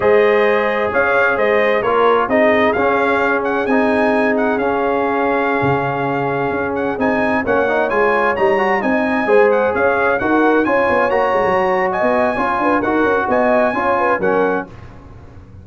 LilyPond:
<<
  \new Staff \with { instrumentName = "trumpet" } { \time 4/4 \tempo 4 = 131 dis''2 f''4 dis''4 | cis''4 dis''4 f''4. fis''8 | gis''4. fis''8 f''2~ | f''2~ f''8. fis''8 gis''8.~ |
gis''16 fis''4 gis''4 ais''4 gis''8.~ | gis''8. fis''8 f''4 fis''4 gis''8.~ | gis''16 ais''4.~ ais''16 gis''2 | fis''4 gis''2 fis''4 | }
  \new Staff \with { instrumentName = "horn" } { \time 4/4 c''2 cis''4 c''4 | ais'4 gis'2.~ | gis'1~ | gis'1~ |
gis'16 cis''2. dis''8.~ | dis''16 c''4 cis''4 ais'4 cis''8.~ | cis''2 dis''4 cis''8 b'8 | ais'4 dis''4 cis''8 b'8 ais'4 | }
  \new Staff \with { instrumentName = "trombone" } { \time 4/4 gis'1 | f'4 dis'4 cis'2 | dis'2 cis'2~ | cis'2.~ cis'16 dis'8.~ |
dis'16 cis'8 dis'8 f'4 dis'8 fis'8 dis'8.~ | dis'16 gis'2 fis'4 f'8.~ | f'16 fis'2~ fis'8. f'4 | fis'2 f'4 cis'4 | }
  \new Staff \with { instrumentName = "tuba" } { \time 4/4 gis2 cis'4 gis4 | ais4 c'4 cis'2 | c'2 cis'2~ | cis'16 cis2 cis'4 c'8.~ |
c'16 ais4 gis4 g4 c'8.~ | c'16 gis4 cis'4 dis'4 cis'8 b16~ | b16 ais8 gis16 fis4~ fis16 b8. cis'8 d'8 | dis'8 cis'8 b4 cis'4 fis4 | }
>>